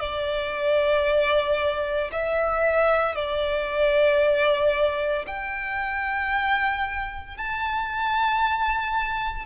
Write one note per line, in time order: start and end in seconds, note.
0.00 2.11 D5
2.12 3.15 E5
3.15 5.26 D5
5.27 7.37 G5
7.37 9.45 A5